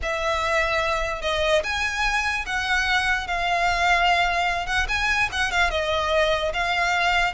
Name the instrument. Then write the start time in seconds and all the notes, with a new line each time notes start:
violin
0.02 E5
1.21 D#5
1.63 G#5
2.46 F#5
3.27 F5
4.66 F#5
4.88 G#5
5.32 F#5
5.51 F5
5.70 D#5
6.53 F5